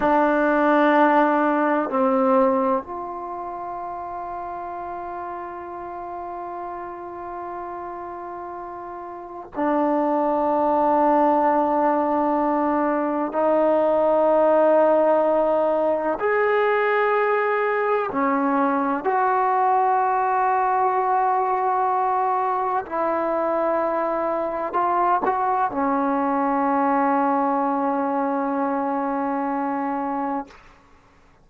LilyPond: \new Staff \with { instrumentName = "trombone" } { \time 4/4 \tempo 4 = 63 d'2 c'4 f'4~ | f'1~ | f'2 d'2~ | d'2 dis'2~ |
dis'4 gis'2 cis'4 | fis'1 | e'2 f'8 fis'8 cis'4~ | cis'1 | }